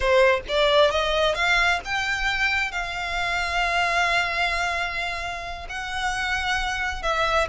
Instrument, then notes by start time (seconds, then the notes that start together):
violin
0.00 C5
0.48 D5
0.90 D#5
1.34 F5
1.85 G5
2.71 F5
5.69 F#5
7.02 E5